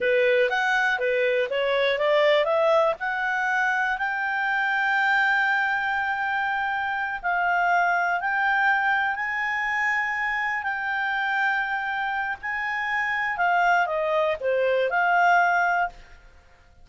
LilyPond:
\new Staff \with { instrumentName = "clarinet" } { \time 4/4 \tempo 4 = 121 b'4 fis''4 b'4 cis''4 | d''4 e''4 fis''2 | g''1~ | g''2~ g''8 f''4.~ |
f''8 g''2 gis''4.~ | gis''4. g''2~ g''8~ | g''4 gis''2 f''4 | dis''4 c''4 f''2 | }